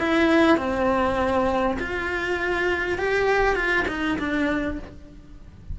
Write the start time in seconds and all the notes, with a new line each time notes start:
0.00 E4
0.58 C4
1.80 F4
2.99 G4
3.56 F4
3.88 D#4
4.19 D4